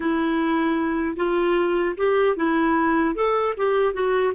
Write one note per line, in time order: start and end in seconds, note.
0.00 1.16 E4
1.16 1.95 F4
1.97 2.36 G4
2.36 3.15 E4
3.15 3.54 A4
3.57 3.93 G4
3.93 4.33 F#4